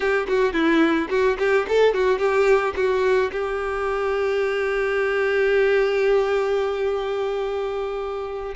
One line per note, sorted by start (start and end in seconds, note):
0.00 0.27 G4
0.28 0.53 F#4
0.53 1.08 E4
1.09 1.37 F#4
1.38 1.66 G4
1.68 1.94 A4
1.94 2.19 F#4
2.19 2.74 G4
2.75 3.31 F#4
3.32 8.54 G4